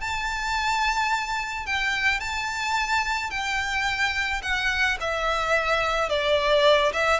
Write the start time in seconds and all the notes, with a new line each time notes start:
0.00 A5
1.66 G5
2.20 A5
3.30 G5
4.42 F#5
5.00 E5
6.09 D5
6.93 E5